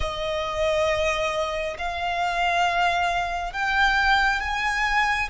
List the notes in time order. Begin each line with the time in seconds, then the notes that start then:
0.00 D#5
1.78 F5
3.53 G5
4.40 G#5